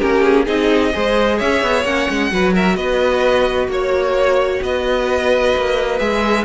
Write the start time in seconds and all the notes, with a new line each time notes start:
0.00 A#3 C#4 G4 A#4
0.23 G#4
0.45 C4 D#4 G#4 D#5
0.93 G#3 G#4 C5
1.37 C#4 C#5 E5
1.62 B3
1.84 A#3 C#4 F#5
2.10 G#3
2.31 F#3 F#4 B4
2.54 A#4 E5
2.76 B3 B4 D#5
3.68 A#3 C#5
4.62 B3 B4 D#5
5.56 A#3
5.99 G#3 G#4 E5